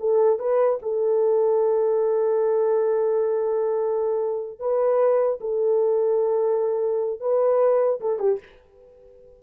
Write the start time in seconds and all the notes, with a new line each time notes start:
0.00 A4
0.39 B4
0.83 A4
4.60 B4
5.41 A4
7.21 B4
8.01 A4
8.19 G4